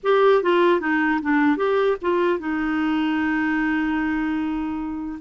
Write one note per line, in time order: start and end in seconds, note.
0.03 0.43 G4
0.43 0.80 F4
0.80 1.20 D#4
1.22 1.57 D4
1.57 1.97 G4
2.01 2.39 F4
2.39 5.19 D#4